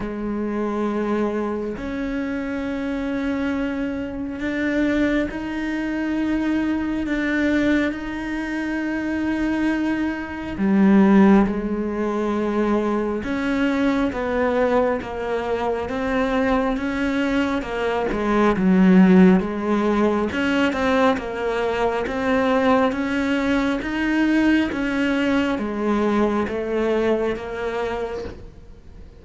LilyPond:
\new Staff \with { instrumentName = "cello" } { \time 4/4 \tempo 4 = 68 gis2 cis'2~ | cis'4 d'4 dis'2 | d'4 dis'2. | g4 gis2 cis'4 |
b4 ais4 c'4 cis'4 | ais8 gis8 fis4 gis4 cis'8 c'8 | ais4 c'4 cis'4 dis'4 | cis'4 gis4 a4 ais4 | }